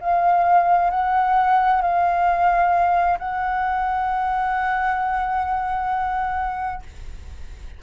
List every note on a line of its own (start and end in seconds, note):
0.00 0.90 F5
0.90 1.81 F#5
1.81 3.18 F5
3.19 6.82 F#5